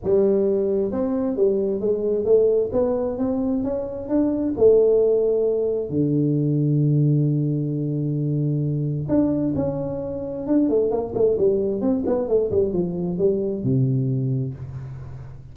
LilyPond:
\new Staff \with { instrumentName = "tuba" } { \time 4/4 \tempo 4 = 132 g2 c'4 g4 | gis4 a4 b4 c'4 | cis'4 d'4 a2~ | a4 d2.~ |
d1 | d'4 cis'2 d'8 a8 | ais8 a8 g4 c'8 b8 a8 g8 | f4 g4 c2 | }